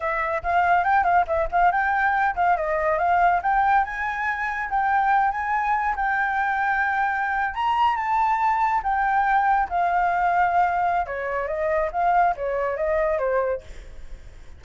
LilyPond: \new Staff \with { instrumentName = "flute" } { \time 4/4 \tempo 4 = 141 e''4 f''4 g''8 f''8 e''8 f''8 | g''4. f''8 dis''4 f''4 | g''4 gis''2 g''4~ | g''8 gis''4. g''2~ |
g''4.~ g''16 ais''4 a''4~ a''16~ | a''8. g''2 f''4~ f''16~ | f''2 cis''4 dis''4 | f''4 cis''4 dis''4 c''4 | }